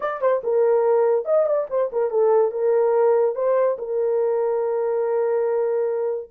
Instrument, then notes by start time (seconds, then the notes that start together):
horn
0.00 D5
0.21 C5
0.43 A#4
1.25 D#5
1.46 D5
1.69 C5
1.92 A#4
2.10 A4
2.51 A#4
3.35 C5
3.78 A#4